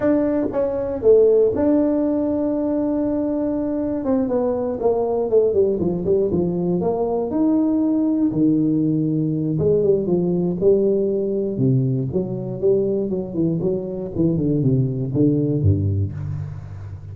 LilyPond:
\new Staff \with { instrumentName = "tuba" } { \time 4/4 \tempo 4 = 119 d'4 cis'4 a4 d'4~ | d'1 | c'8 b4 ais4 a8 g8 f8 | g8 f4 ais4 dis'4.~ |
dis'8 dis2~ dis8 gis8 g8 | f4 g2 c4 | fis4 g4 fis8 e8 fis4 | e8 d8 c4 d4 g,4 | }